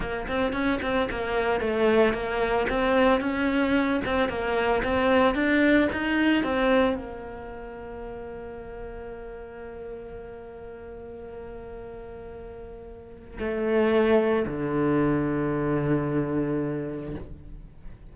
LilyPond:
\new Staff \with { instrumentName = "cello" } { \time 4/4 \tempo 4 = 112 ais8 c'8 cis'8 c'8 ais4 a4 | ais4 c'4 cis'4. c'8 | ais4 c'4 d'4 dis'4 | c'4 ais2.~ |
ais1~ | ais1~ | ais4 a2 d4~ | d1 | }